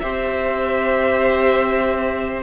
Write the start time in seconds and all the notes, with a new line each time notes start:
0.00 C4 G4 C5 E5